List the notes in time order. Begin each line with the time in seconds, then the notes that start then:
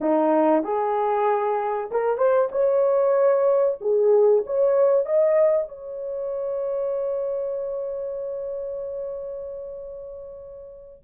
0.00 D#4
0.63 G#4
1.91 A#4
2.17 C5
2.51 C#5
3.80 G#4
4.46 C#5
5.05 D#5
5.68 C#5